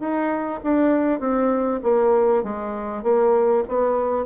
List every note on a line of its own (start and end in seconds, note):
0.00 0.61 D#4
0.64 1.20 D4
1.20 1.80 C4
1.83 2.44 A#3
2.44 3.03 G#3
3.03 3.64 A#3
3.68 4.26 B3